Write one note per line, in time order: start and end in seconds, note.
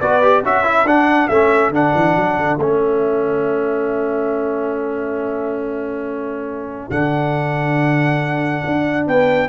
0.00 0.43 B3
0.00 0.22 F#4
0.00 0.42 B4
0.00 0.43 D5
0.22 0.43 G4
0.42 0.84 C#4
0.42 0.64 F#4
0.42 9.06 A4
0.42 0.87 E5
0.64 0.86 E4
0.84 1.27 D4
0.84 1.30 D4
0.84 1.28 F#5
1.28 1.70 A3
1.28 1.73 C#4
1.28 1.71 E5
1.70 1.91 D3
1.70 2.59 D4
1.70 2.59 F#5
1.95 2.16 E3
2.16 2.37 F#3
2.37 2.57 D3
2.57 6.88 A3
2.57 6.91 C#4
2.57 6.90 E5
6.90 8.63 D3
6.90 9.48 D4
6.90 9.06 F#5
8.65 9.07 D4
9.07 9.48 B3
9.07 9.48 B4
9.07 9.48 G5